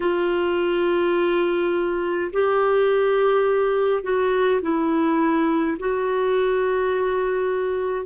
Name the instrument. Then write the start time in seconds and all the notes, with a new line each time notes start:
clarinet
0.00 F4
2.32 G4
4.03 F#4
4.62 E4
5.78 F#4